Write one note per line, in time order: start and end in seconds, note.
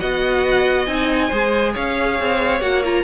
0.00 0.87 B3
0.00 0.87 F#4
0.00 1.29 D#5
0.00 0.85 F#5
0.85 1.30 C4
0.85 1.30 D#4
0.85 1.72 G#5
1.29 1.75 G#3
1.29 2.61 G#4
1.29 1.72 C5
1.73 2.19 C#4
1.73 3.03 C#5
1.73 2.61 F5
2.19 2.60 C4
2.60 3.04 A#3
2.60 2.83 F#4
2.60 2.83 F#5
2.84 3.04 F4
2.84 3.04 A#5